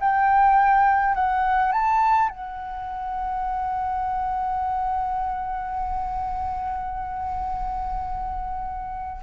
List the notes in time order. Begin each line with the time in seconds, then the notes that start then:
0.00 G5
1.15 F#5
1.72 A5
2.29 F#5